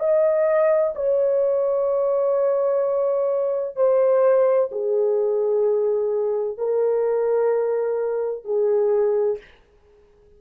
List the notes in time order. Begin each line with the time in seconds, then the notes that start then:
0.00 D#5
0.95 C#5
3.76 C5
4.72 G#4
6.58 A#4
8.45 G#4